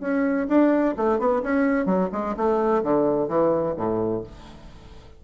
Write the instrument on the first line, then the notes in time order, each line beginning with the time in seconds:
bassoon
0.00 C#4
0.48 D4
0.97 A3
1.18 B3
1.43 C#4
1.86 F#3
2.12 G#3
2.36 A3
2.83 D3
3.28 E3
3.76 A2